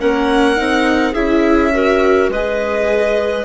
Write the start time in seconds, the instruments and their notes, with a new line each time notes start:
0.00 bassoon A#3, viola C#4, clarinet A#4, violin F#5
0.56 bassoon C4, viola D#4
1.12 bassoon C#4, viola E4, clarinet G#4, violin E5
1.74 viola F#4, clarinet A#4
2.29 bassoon G#3, viola G#4, clarinet B4, violin D#5